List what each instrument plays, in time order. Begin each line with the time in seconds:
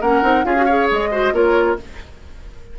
0.00 bassoon A#3, clarinet C#4, oboe A#4, flute F#5
0.22 bassoon C4, clarinet D#4
0.44 bassoon C#4, clarinet F4, oboe G#4, flute F5
0.56 clarinet F#4
0.65 clarinet G#4, oboe C#5
0.91 bassoon G#3, flute D#5
1.11 clarinet F#4, oboe C5
1.32 bassoon A#3, clarinet F4, oboe A#4, flute C#5